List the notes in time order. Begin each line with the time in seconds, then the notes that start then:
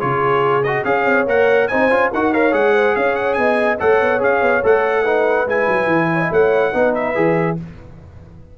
0.00 C#3 F4 G#4 C#5
0.63 F#4 D#5
0.85 C#4 G#4 C#5 F5
1.05 C4
1.26 A#3 A#4 F#5
1.68 C4 D#4 C5 G#5
1.90 C#4 F4
2.11 D#4 F#4 A#4 F#5
2.32 A#4 C#5 F5
2.52 G#3 G#4 F#5
2.74 C5
2.96 C#4 C#5 F5
3.16 F#5
3.34 B3 D#5 G#5
3.79 A3 A4 C#5 F#5
4.01 B3
4.19 C#4 G#4 F5
4.42 B3
4.63 A3 A4 F#5
5.02 D#4 B4
5.47 G#3 E4 G#5
5.68 F#3
5.87 E3
6.13 C#5
6.20 D#5
6.32 A3 C#5 F#5
6.73 B3 D#4 B4
6.95 E5
7.15 E3 G#4